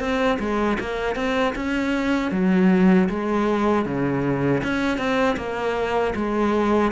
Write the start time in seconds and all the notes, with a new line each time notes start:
0.00 C4
0.40 G#3
0.80 A#3
1.16 C4
1.56 C#4
2.32 F#3
3.09 G#3
3.86 C#3
4.64 C#4
4.98 C4
5.37 A#3
6.15 G#3